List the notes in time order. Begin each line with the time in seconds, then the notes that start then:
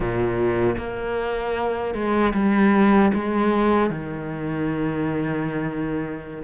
0.00 A#2
0.77 A#3
1.94 G#3
2.34 G3
3.13 G#3
3.90 D#3